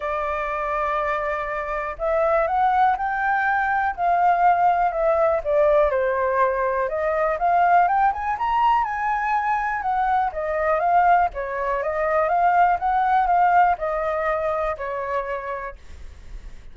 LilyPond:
\new Staff \with { instrumentName = "flute" } { \time 4/4 \tempo 4 = 122 d''1 | e''4 fis''4 g''2 | f''2 e''4 d''4 | c''2 dis''4 f''4 |
g''8 gis''8 ais''4 gis''2 | fis''4 dis''4 f''4 cis''4 | dis''4 f''4 fis''4 f''4 | dis''2 cis''2 | }